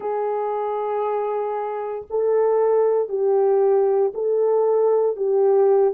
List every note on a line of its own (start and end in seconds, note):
0.00 2.05 G#4
2.10 3.08 A4
3.08 4.12 G4
4.14 5.16 A4
5.16 5.93 G4